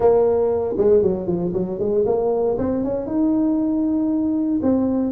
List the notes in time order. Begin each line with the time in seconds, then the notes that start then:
0.00 A#3
0.77 G#3
1.02 F#3
1.26 F3
1.53 F#3
1.79 G#3
2.06 A#3
2.58 C4
2.83 C#4
3.06 D#4
4.62 C4